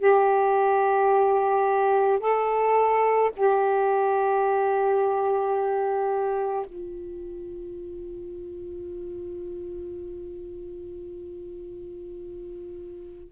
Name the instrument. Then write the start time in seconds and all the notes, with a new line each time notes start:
saxophone
0.00 G4
2.20 A4
3.37 G4
6.67 F4